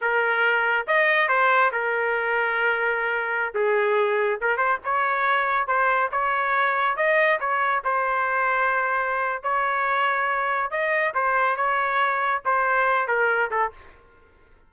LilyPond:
\new Staff \with { instrumentName = "trumpet" } { \time 4/4 \tempo 4 = 140 ais'2 dis''4 c''4 | ais'1~ | ais'16 gis'2 ais'8 c''8 cis''8.~ | cis''4~ cis''16 c''4 cis''4.~ cis''16~ |
cis''16 dis''4 cis''4 c''4.~ c''16~ | c''2 cis''2~ | cis''4 dis''4 c''4 cis''4~ | cis''4 c''4. ais'4 a'8 | }